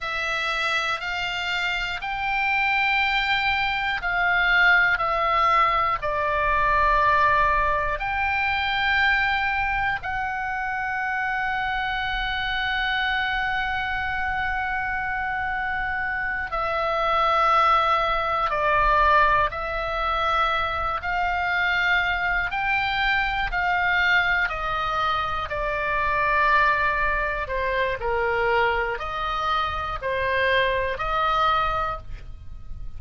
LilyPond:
\new Staff \with { instrumentName = "oboe" } { \time 4/4 \tempo 4 = 60 e''4 f''4 g''2 | f''4 e''4 d''2 | g''2 fis''2~ | fis''1~ |
fis''8 e''2 d''4 e''8~ | e''4 f''4. g''4 f''8~ | f''8 dis''4 d''2 c''8 | ais'4 dis''4 c''4 dis''4 | }